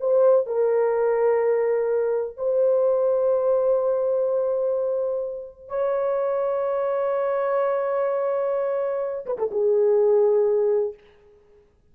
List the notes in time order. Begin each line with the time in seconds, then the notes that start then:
0.00 C5
0.46 A#4
2.37 C5
5.68 C#5
9.26 B4
9.38 A4
9.51 G#4